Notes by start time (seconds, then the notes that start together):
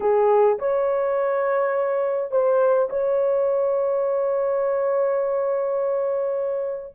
0.00 G#4
0.58 C#5
2.31 C5
2.89 C#5